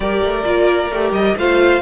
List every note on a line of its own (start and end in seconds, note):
0.00 0.21 G3
0.00 0.43 G4
0.00 1.36 A#4
0.00 1.13 D5
0.23 0.46 A3
0.44 0.90 A#3
0.44 0.90 F4
0.90 1.12 A3
0.90 1.38 G4
1.12 1.35 G3
1.12 1.36 D#5
1.36 1.81 A3
1.36 1.81 F4
1.36 1.81 C5
1.36 1.81 F5